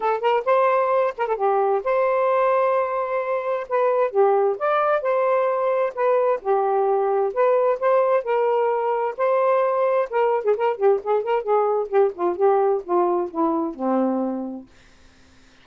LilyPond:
\new Staff \with { instrumentName = "saxophone" } { \time 4/4 \tempo 4 = 131 a'8 ais'8 c''4. ais'16 a'16 g'4 | c''1 | b'4 g'4 d''4 c''4~ | c''4 b'4 g'2 |
b'4 c''4 ais'2 | c''2 ais'8. gis'16 ais'8 g'8 | gis'8 ais'8 gis'4 g'8 f'8 g'4 | f'4 e'4 c'2 | }